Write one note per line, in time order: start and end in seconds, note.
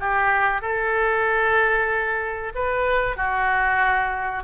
0.00 0.62 G4
0.62 2.53 A4
2.55 3.17 B4
3.17 4.44 F#4